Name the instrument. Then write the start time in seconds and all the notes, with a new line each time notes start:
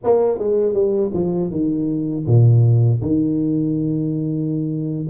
tuba
0.03 A#3
0.38 G#3
0.73 G3
1.13 F3
1.50 D#3
2.26 A#2
3.01 D#3